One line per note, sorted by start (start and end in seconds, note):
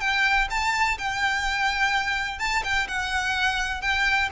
0.00 0.48 G5
0.50 0.98 A5
0.98 2.39 G5
2.39 2.63 A5
2.63 2.87 G5
2.87 3.81 F#5
3.81 4.29 G5